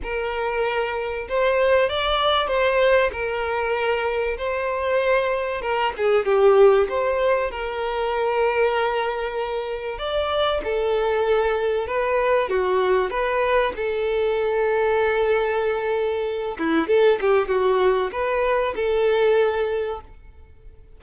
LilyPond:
\new Staff \with { instrumentName = "violin" } { \time 4/4 \tempo 4 = 96 ais'2 c''4 d''4 | c''4 ais'2 c''4~ | c''4 ais'8 gis'8 g'4 c''4 | ais'1 |
d''4 a'2 b'4 | fis'4 b'4 a'2~ | a'2~ a'8 e'8 a'8 g'8 | fis'4 b'4 a'2 | }